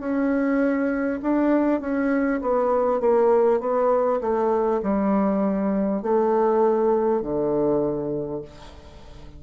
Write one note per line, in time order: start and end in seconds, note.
0.00 1.20 C#4
1.23 1.81 D4
1.81 2.41 C#4
2.42 3.01 B3
3.01 3.61 A#3
3.61 4.21 B3
4.21 4.81 A3
4.83 6.03 G3
6.03 7.22 A3
7.22 8.42 D3